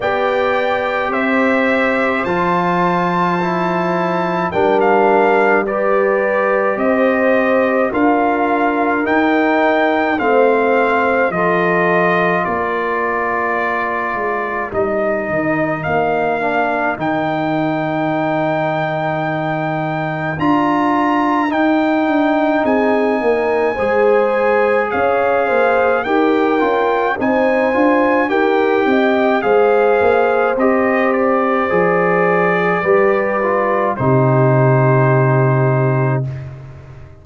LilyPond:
<<
  \new Staff \with { instrumentName = "trumpet" } { \time 4/4 \tempo 4 = 53 g''4 e''4 a''2 | g''16 f''8. d''4 dis''4 f''4 | g''4 f''4 dis''4 d''4~ | d''4 dis''4 f''4 g''4~ |
g''2 ais''4 g''4 | gis''2 f''4 g''4 | gis''4 g''4 f''4 dis''8 d''8~ | d''2 c''2 | }
  \new Staff \with { instrumentName = "horn" } { \time 4/4 d''4 c''2. | ais'4 b'4 c''4 ais'4~ | ais'4 c''4 a'4 ais'4~ | ais'1~ |
ais'1 | gis'8 ais'8 c''4 cis''8 c''8 ais'4 | c''4 ais'8 dis''8 c''2~ | c''4 b'4 g'2 | }
  \new Staff \with { instrumentName = "trombone" } { \time 4/4 g'2 f'4 e'4 | d'4 g'2 f'4 | dis'4 c'4 f'2~ | f'4 dis'4. d'8 dis'4~ |
dis'2 f'4 dis'4~ | dis'4 gis'2 g'8 f'8 | dis'8 f'8 g'4 gis'4 g'4 | gis'4 g'8 f'8 dis'2 | }
  \new Staff \with { instrumentName = "tuba" } { \time 4/4 b4 c'4 f2 | g2 c'4 d'4 | dis'4 a4 f4 ais4~ | ais8 gis8 g8 dis8 ais4 dis4~ |
dis2 d'4 dis'8 d'8 | c'8 ais8 gis4 cis'8 ais8 dis'8 cis'8 | c'8 d'8 dis'8 c'8 gis8 ais8 c'4 | f4 g4 c2 | }
>>